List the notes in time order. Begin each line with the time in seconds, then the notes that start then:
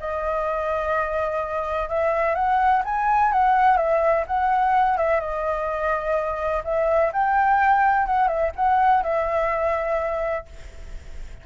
0.00 D#5
1.89 E5
2.35 F#5
2.85 G#5
3.32 F#5
3.77 E5
4.27 F#5
4.98 E5
5.20 D#5
6.64 E5
7.13 G5
8.06 F#5
8.28 E5
8.56 F#5
9.03 E5